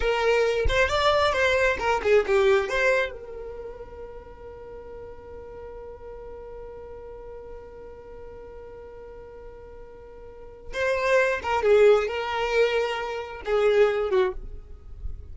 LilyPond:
\new Staff \with { instrumentName = "violin" } { \time 4/4 \tempo 4 = 134 ais'4. c''8 d''4 c''4 | ais'8 gis'8 g'4 c''4 ais'4~ | ais'1~ | ais'1~ |
ais'1~ | ais'1 | c''4. ais'8 gis'4 ais'4~ | ais'2 gis'4. fis'8 | }